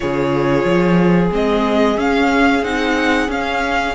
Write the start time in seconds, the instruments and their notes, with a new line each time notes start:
0.00 cello C#3, viola F4, violin G#4 C#5
0.64 cello F3
1.30 cello G#3, viola C4, violin D#5
1.97 cello C#4, viola C#4, violin F5
2.62 cello C4, viola D#4, violin F#5
3.28 cello C#4, viola C#4, violin F5